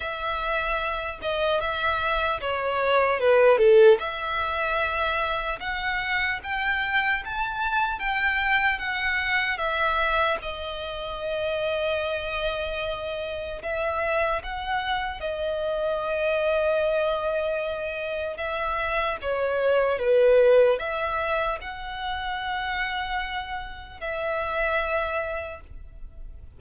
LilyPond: \new Staff \with { instrumentName = "violin" } { \time 4/4 \tempo 4 = 75 e''4. dis''8 e''4 cis''4 | b'8 a'8 e''2 fis''4 | g''4 a''4 g''4 fis''4 | e''4 dis''2.~ |
dis''4 e''4 fis''4 dis''4~ | dis''2. e''4 | cis''4 b'4 e''4 fis''4~ | fis''2 e''2 | }